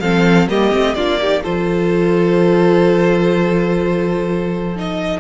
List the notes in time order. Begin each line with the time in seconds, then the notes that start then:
0.00 F3 C4 A4 F5
0.49 G3 A#3 G4 D#5
0.72 A3 C4
0.94 A#3 D4 F4 D5
1.21 D#4 G4
1.43 F3 F4 A4 C5
4.76 D#4 D#5